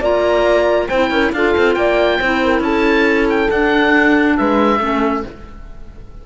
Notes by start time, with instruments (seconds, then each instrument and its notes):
0.00 cello A#3, clarinet F4, horn D5, oboe A#5
0.88 cello C4, clarinet E4, horn C5, oboe G5
1.10 cello C#4, horn A#4
1.33 cello D4, clarinet F4, horn A4, oboe F5
1.57 cello C4
1.74 cello A#3, horn D5, oboe G5
2.19 cello C4, clarinet E4, horn C5
2.43 horn A#4
2.60 cello C#4, horn A4, oboe A5
3.29 oboe G5
3.50 clarinet D4, cello D4, oboe F#5
4.37 cello G#3, horn B4, oboe E5
4.79 cello A3, clarinet C#4, horn A4